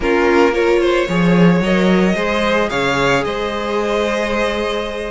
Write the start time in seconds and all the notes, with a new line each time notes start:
0.00 A#3 C#4 F4 A#4
0.52 F4 A#4 C#5
0.80 C5
1.08 F3 G#4 C#5
1.60 F#3 A#4 D#5
2.15 G#3 G#4 C5
2.69 C#3 C#5 F5
3.24 G#3 C5 D#5